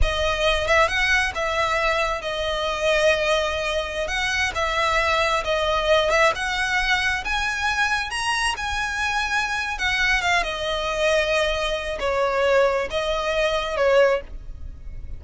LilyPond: \new Staff \with { instrumentName = "violin" } { \time 4/4 \tempo 4 = 135 dis''4. e''8 fis''4 e''4~ | e''4 dis''2.~ | dis''4~ dis''16 fis''4 e''4.~ e''16~ | e''16 dis''4. e''8 fis''4.~ fis''16~ |
fis''16 gis''2 ais''4 gis''8.~ | gis''2 fis''4 f''8 dis''8~ | dis''2. cis''4~ | cis''4 dis''2 cis''4 | }